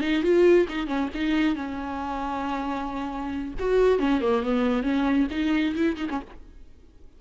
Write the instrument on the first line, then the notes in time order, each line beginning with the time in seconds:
viola
0.00 D#4
0.22 F4
0.68 D#4
0.87 C#4
1.14 D#4
1.55 C#4
3.59 F#4
3.98 C#4
4.21 A#3
4.42 B3
4.83 C#4
5.30 D#4
5.75 E4
5.96 D#4
6.09 C#4